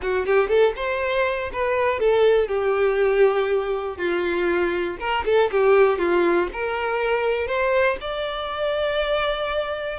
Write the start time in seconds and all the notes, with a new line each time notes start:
0.02 F#4
0.26 G4
0.48 A4
0.75 C5
1.52 B4
1.99 A4
2.48 G4
3.97 F4
4.99 A#4
5.25 A4
5.51 G4
5.98 F4
6.52 A#4
7.47 C5
8.00 D5